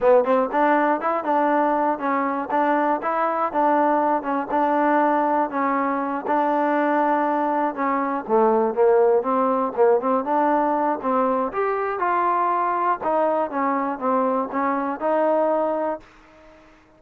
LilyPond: \new Staff \with { instrumentName = "trombone" } { \time 4/4 \tempo 4 = 120 b8 c'8 d'4 e'8 d'4. | cis'4 d'4 e'4 d'4~ | d'8 cis'8 d'2 cis'4~ | cis'8 d'2. cis'8~ |
cis'8 a4 ais4 c'4 ais8 | c'8 d'4. c'4 g'4 | f'2 dis'4 cis'4 | c'4 cis'4 dis'2 | }